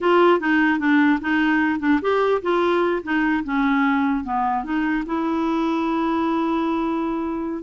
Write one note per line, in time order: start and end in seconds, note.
0.01 0.40 F4
0.40 0.79 D#4
0.79 1.19 D4
1.21 1.79 D#4
1.79 1.99 D4
2.01 2.41 G4
2.42 3.02 F4
3.03 3.43 D#4
3.44 4.24 C#4
4.24 4.63 B3
4.63 5.04 D#4
5.06 7.62 E4